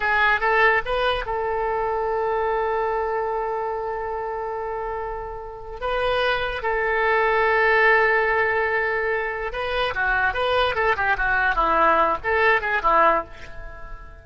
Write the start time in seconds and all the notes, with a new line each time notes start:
0.00 G#4
0.40 A4
0.85 B4
1.25 A4
5.80 B4
6.62 A4
9.52 B4
9.94 F#4
10.33 B4
10.75 A4
10.96 G4
11.17 F#4
11.55 E4
12.23 A4
12.61 G#4
12.82 E4